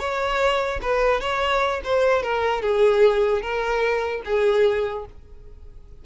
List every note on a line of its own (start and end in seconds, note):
0.00 0.81 C#5
0.82 1.21 B4
1.21 1.81 C#5
1.85 2.23 C5
2.23 2.62 A#4
2.62 3.42 G#4
3.42 4.23 A#4
4.26 5.06 G#4